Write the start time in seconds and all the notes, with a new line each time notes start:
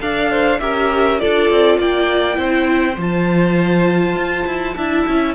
0.00 D4 A4 D5 F5
0.30 C5
0.60 C#4 G4 A#4 E5
1.19 D4 F4 A4 D5
1.50 C4
1.78 A#3 D5 G5
2.34 C4 E4 C5
2.97 F3 F4 A5
4.16 F4
4.46 E4
4.76 D4 E4 E5
5.08 C#4